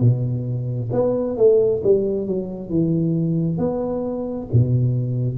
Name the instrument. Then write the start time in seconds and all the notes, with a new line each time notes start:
tuba
0.00 B2
0.92 B3
1.37 A3
1.83 G3
2.27 F#3
2.69 E3
3.57 B3
4.52 B2